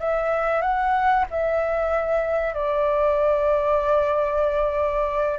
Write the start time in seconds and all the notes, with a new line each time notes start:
0.00 E5
0.62 F#5
1.31 E5
2.55 D5